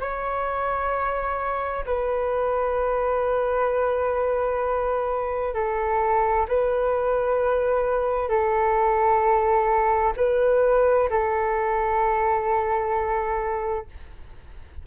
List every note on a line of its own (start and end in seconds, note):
0.00 1.85 C#5
1.85 5.54 B4
5.54 6.47 A4
6.48 8.29 B4
8.29 10.13 A4
10.16 11.09 B4
11.10 13.87 A4